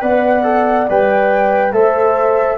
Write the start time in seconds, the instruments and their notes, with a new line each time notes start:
0.00 tuba B3, trombone B4, horn D5, flute F#5
0.43 trombone A4
0.89 tuba G3, trombone B4, flute G5
1.72 tuba A3, trombone A4, horn C5, flute E5